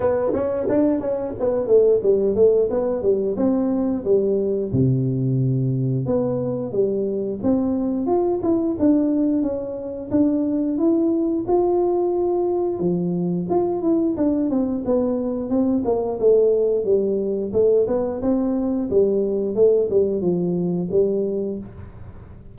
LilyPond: \new Staff \with { instrumentName = "tuba" } { \time 4/4 \tempo 4 = 89 b8 cis'8 d'8 cis'8 b8 a8 g8 a8 | b8 g8 c'4 g4 c4~ | c4 b4 g4 c'4 | f'8 e'8 d'4 cis'4 d'4 |
e'4 f'2 f4 | f'8 e'8 d'8 c'8 b4 c'8 ais8 | a4 g4 a8 b8 c'4 | g4 a8 g8 f4 g4 | }